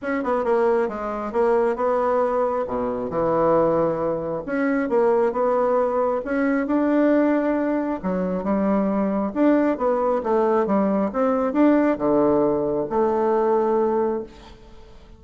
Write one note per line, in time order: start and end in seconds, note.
0.01 0.23 C#4
0.23 0.44 B3
0.44 0.88 A#3
0.88 1.32 G#3
1.32 1.76 A#3
1.76 2.65 B3
2.67 3.09 B2
3.09 4.43 E3
4.46 4.89 C#4
4.89 5.32 A#3
5.32 6.21 B3
6.24 6.66 C#4
6.66 8.00 D4
8.02 8.43 F#3
8.43 9.32 G3
9.34 9.77 D4
9.77 10.21 B3
10.23 10.66 A3
10.66 11.10 G3
11.13 11.53 C4
11.53 11.97 D4
11.98 12.87 D3
12.89 14.23 A3